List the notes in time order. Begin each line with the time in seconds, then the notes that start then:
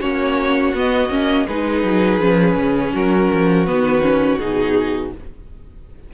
0.00 A#3 C#4 F#4 C#5
0.74 B3 D#5
1.10 A#3 C#4
1.47 G#3 D#4 G#4 B4
1.84 F#3
2.19 F3 C#4
2.56 C#3
2.93 F#3 F#4 A#4
3.33 F3
3.67 D#3 B3 B4
4.02 C#4
4.38 B2 D#4 G#4